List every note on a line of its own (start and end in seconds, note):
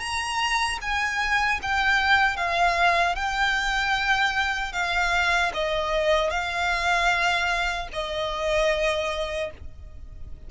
0.00 0.79 A#5
0.82 1.61 G#5
1.63 2.37 G5
2.37 3.16 F5
3.16 4.73 G5
4.73 5.52 F5
5.54 6.31 D#5
6.31 7.88 F5
7.93 9.51 D#5